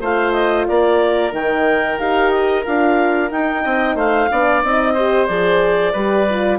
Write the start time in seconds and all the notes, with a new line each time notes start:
0.00 A3 F4 C5 F5
0.32 D#5
0.67 A#3 A#4 D5
1.31 D#3 D#4 G5
1.98 D#4 G4 F5
2.31 D#5
2.65 D4 F4 F5
3.30 D#4 G5
3.63 C4 D#5
3.95 A3 C5 F5
4.31 B3 D4 D5
4.63 C4 D#4 D#5
4.93 G4 C5
5.26 F3 G#4 D5
5.92 G3 G4 B4
6.29 F4